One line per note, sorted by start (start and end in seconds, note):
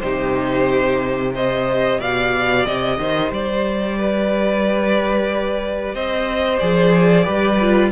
0.00 2.00 C3
0.00 1.34 D#4
0.00 1.35 G4
0.00 1.32 C5
1.34 6.61 G4
1.34 2.00 C5
1.34 2.01 D#5
2.00 2.66 B2
2.00 2.99 D5
2.00 2.66 F5
2.66 2.98 C3
2.66 3.32 D#5
2.98 3.31 D#3
2.98 3.98 C5
3.31 5.95 G3
3.31 5.95 D5
3.98 5.95 B4
5.95 6.61 C4
5.95 7.24 C5
5.95 6.59 D#5
6.59 7.27 F3
6.59 7.25 G#4
6.59 7.91 D5
7.24 7.92 G3
7.24 7.58 G4
7.24 7.90 B4
7.61 7.92 F4